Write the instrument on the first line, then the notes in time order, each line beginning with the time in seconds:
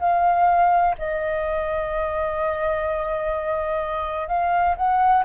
flute
0.00 F5
0.98 D#5
4.28 F5
4.76 F#5